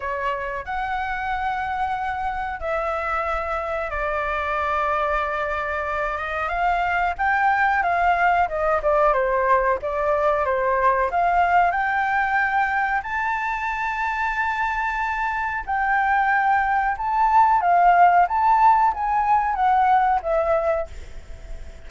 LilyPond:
\new Staff \with { instrumentName = "flute" } { \time 4/4 \tempo 4 = 92 cis''4 fis''2. | e''2 d''2~ | d''4. dis''8 f''4 g''4 | f''4 dis''8 d''8 c''4 d''4 |
c''4 f''4 g''2 | a''1 | g''2 a''4 f''4 | a''4 gis''4 fis''4 e''4 | }